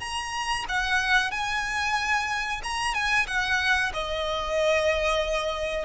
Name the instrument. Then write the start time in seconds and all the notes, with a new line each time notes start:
violin
0.00 A#5
0.69 F#5
1.31 G#5
2.64 A#5
2.94 G#5
3.27 F#5
3.94 D#5